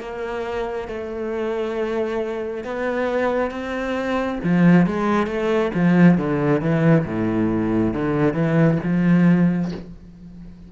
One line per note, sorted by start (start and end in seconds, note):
0.00 0.88 A#3
0.88 2.64 A3
2.64 3.51 B3
3.51 4.39 C4
4.44 4.87 F3
4.87 5.27 G#3
5.27 5.71 A3
5.75 6.18 F3
6.18 6.61 D3
6.61 7.05 E3
7.06 7.94 A2
7.94 8.34 D3
8.34 8.78 E3
8.84 9.72 F3